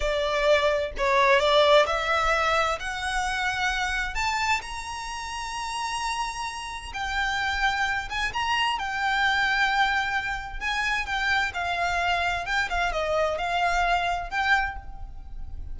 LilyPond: \new Staff \with { instrumentName = "violin" } { \time 4/4 \tempo 4 = 130 d''2 cis''4 d''4 | e''2 fis''2~ | fis''4 a''4 ais''2~ | ais''2. g''4~ |
g''4. gis''8 ais''4 g''4~ | g''2. gis''4 | g''4 f''2 g''8 f''8 | dis''4 f''2 g''4 | }